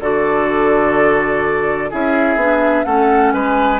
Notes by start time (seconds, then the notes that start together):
0.00 D3 F#4 A4 D5
1.90 C#4 E4 G#4 E5
2.36 B3 D4
2.85 A3 C#4 A4 F#5
3.33 G#3 B4 G#5